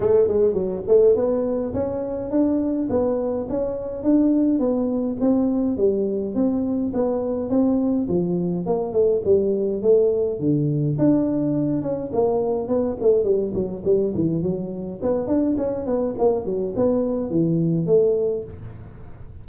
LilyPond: \new Staff \with { instrumentName = "tuba" } { \time 4/4 \tempo 4 = 104 a8 gis8 fis8 a8 b4 cis'4 | d'4 b4 cis'4 d'4 | b4 c'4 g4 c'4 | b4 c'4 f4 ais8 a8 |
g4 a4 d4 d'4~ | d'8 cis'8 ais4 b8 a8 g8 fis8 | g8 e8 fis4 b8 d'8 cis'8 b8 | ais8 fis8 b4 e4 a4 | }